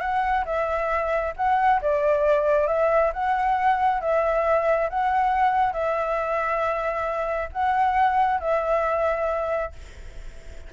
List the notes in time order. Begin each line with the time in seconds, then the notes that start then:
0.00 F#5
0.45 E5
1.36 F#5
1.81 D5
2.67 E5
3.13 F#5
4.00 E5
4.89 F#5
5.72 E5
7.52 F#5
8.40 E5